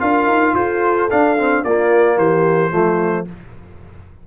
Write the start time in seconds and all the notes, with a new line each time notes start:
0.00 D4 F4 A#4 F5
0.27 D#4
0.55 F4 A4 C5
1.11 D4 F5
1.38 C4
1.64 A#3 F4 D5
2.18 E3 G4 C5
2.71 F3 A3 F4